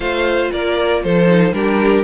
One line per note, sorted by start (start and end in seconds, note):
0.00 0.49 A3
0.00 1.27 F4
0.00 0.51 C5
0.00 0.50 F5
0.51 1.04 A#3
0.51 1.03 A#4
0.51 1.03 D5
1.03 1.52 F3
1.03 1.54 A4
1.03 1.53 C5
1.27 1.52 D#4
1.52 2.03 G3
1.52 2.03 D4
1.52 2.03 G4
1.52 2.03 A#4